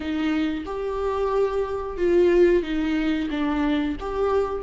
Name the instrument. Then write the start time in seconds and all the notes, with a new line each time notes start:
viola
0.00 D#4
0.65 G4
1.97 F4
2.63 D#4
3.30 D4
4.00 G4